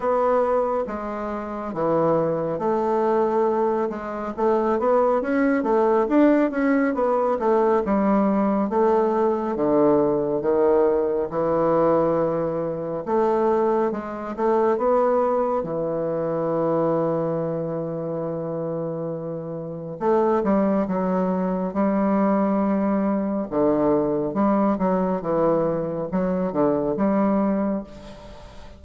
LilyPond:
\new Staff \with { instrumentName = "bassoon" } { \time 4/4 \tempo 4 = 69 b4 gis4 e4 a4~ | a8 gis8 a8 b8 cis'8 a8 d'8 cis'8 | b8 a8 g4 a4 d4 | dis4 e2 a4 |
gis8 a8 b4 e2~ | e2. a8 g8 | fis4 g2 d4 | g8 fis8 e4 fis8 d8 g4 | }